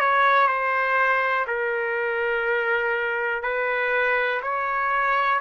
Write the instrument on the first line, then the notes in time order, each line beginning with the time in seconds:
trumpet
0.00 C#5
0.47 C5
1.47 A#4
3.42 B4
4.42 C#5